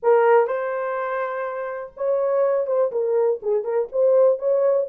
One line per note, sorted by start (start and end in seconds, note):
0.02 0.47 A#4
0.47 1.93 C5
1.96 2.66 C#5
2.66 2.91 C5
2.91 3.40 A#4
3.42 3.64 G#4
3.64 3.88 A#4
3.92 4.38 C5
4.38 4.87 C#5